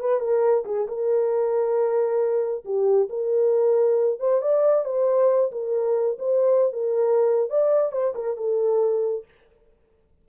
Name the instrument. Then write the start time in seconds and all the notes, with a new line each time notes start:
horn
0.00 B4
0.20 A#4
0.65 G#4
0.88 A#4
2.65 G4
3.09 A#4
4.20 C5
4.42 D5
4.85 C5
5.51 A#4
6.19 C5
6.73 A#4
7.50 D5
7.92 C5
8.15 A#4
8.37 A4